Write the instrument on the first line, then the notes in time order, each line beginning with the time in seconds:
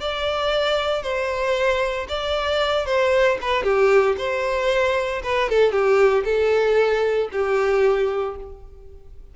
violin
0.00 D5
1.02 C5
2.08 D5
2.86 C5
3.41 B4
3.63 G4
4.18 C5
5.23 B4
5.49 A4
5.72 G4
6.24 A4
7.32 G4